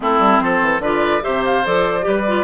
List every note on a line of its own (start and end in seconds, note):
0.00 0.19 A3
0.00 0.82 C4
0.00 0.43 E4
0.00 0.40 A4
0.19 0.39 G3
0.40 0.60 F3
0.40 0.81 A4
0.40 0.81 C5
0.61 0.79 E3
0.79 1.20 D3
0.79 1.21 F4
0.79 1.23 B4
0.79 1.23 D5
1.21 1.66 C3
1.21 1.62 G4
1.21 2.05 C5
1.21 1.44 E5
1.45 1.65 F5
1.64 2.06 F3
1.64 2.01 A4
1.64 2.44 D5
2.01 2.44 G3
2.01 2.22 G4
2.01 2.44 B4
2.27 2.44 F4